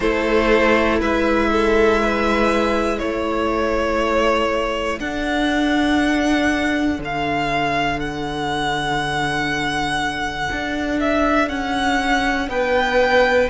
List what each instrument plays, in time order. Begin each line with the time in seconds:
0.00 cello A3, viola E4, violin A4 C5
1.00 cello G#3, violin B4 E5
1.51 violin A4
2.00 violin B4
2.98 cello A3, violin A4 C#5
4.97 viola D4, cello D4, violin F#5
6.99 cello D3, violin F5
7.99 violin F#5
10.51 cello D4
11.00 violin E5
11.48 cello C#4, violin F#5
12.48 cello B3, violin B4 G5